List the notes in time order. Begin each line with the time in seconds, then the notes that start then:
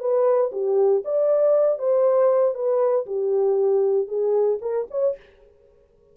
0.00 B4
0.52 G4
1.05 D5
1.79 C5
2.55 B4
3.07 G4
4.08 G#4
4.62 A#4
4.91 C#5